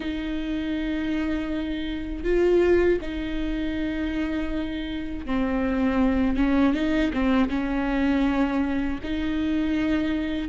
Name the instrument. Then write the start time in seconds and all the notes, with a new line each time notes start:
viola
0.00 D#4
2.24 F4
3.01 D#4
5.26 C4
6.36 C#4
6.74 D#4
7.13 C4
7.49 C#4
9.03 D#4